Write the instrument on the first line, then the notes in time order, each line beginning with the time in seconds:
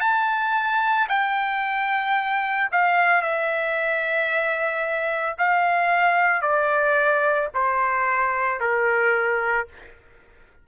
trumpet
0.00 A5
1.09 G5
2.72 F5
3.21 E5
5.38 F5
6.41 D5
7.54 C5
8.60 A#4